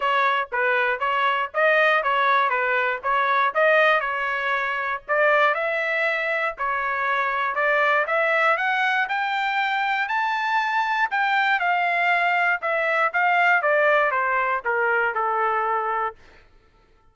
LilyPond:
\new Staff \with { instrumentName = "trumpet" } { \time 4/4 \tempo 4 = 119 cis''4 b'4 cis''4 dis''4 | cis''4 b'4 cis''4 dis''4 | cis''2 d''4 e''4~ | e''4 cis''2 d''4 |
e''4 fis''4 g''2 | a''2 g''4 f''4~ | f''4 e''4 f''4 d''4 | c''4 ais'4 a'2 | }